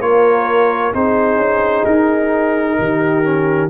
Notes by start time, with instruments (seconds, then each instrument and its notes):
0.00 tuba A#3, trombone F4, horn A#4, trumpet C#5
0.93 tuba C4, trombone D#4, horn G#4, trumpet C5
1.36 tuba C#4
1.85 tuba D#4, trumpet A#4
2.78 tuba D#3, horn G4
3.23 trombone C#4